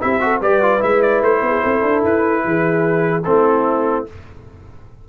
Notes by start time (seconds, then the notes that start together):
0.00 C4 E4 G4 E5
0.20 F#4 A4
0.40 G3 G4 B4 D5
0.61 F4
0.79 G#3 E4 E5
1.02 D5
1.21 A3 C5
1.41 B3 G#4
1.61 C4 A4
1.82 D4
2.03 E4 B4
2.44 E3 G#4
3.23 A3 C4 E4 A4